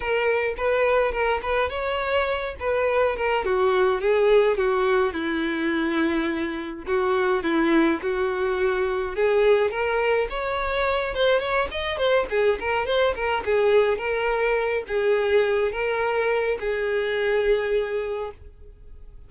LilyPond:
\new Staff \with { instrumentName = "violin" } { \time 4/4 \tempo 4 = 105 ais'4 b'4 ais'8 b'8 cis''4~ | cis''8 b'4 ais'8 fis'4 gis'4 | fis'4 e'2. | fis'4 e'4 fis'2 |
gis'4 ais'4 cis''4. c''8 | cis''8 dis''8 c''8 gis'8 ais'8 c''8 ais'8 gis'8~ | gis'8 ais'4. gis'4. ais'8~ | ais'4 gis'2. | }